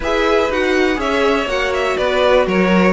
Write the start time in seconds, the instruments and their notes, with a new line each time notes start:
0.00 cello E4, viola G#4, violin B4 E5
0.49 cello D#4, viola F#4, violin F#5
0.95 cello C#4, viola G#4, violin C#5 E5
1.45 cello A#3, viola F#4, violin F#5
1.73 violin E5
1.97 cello B3, violin B4 D5
2.46 cello F#3, violin A#4 C#5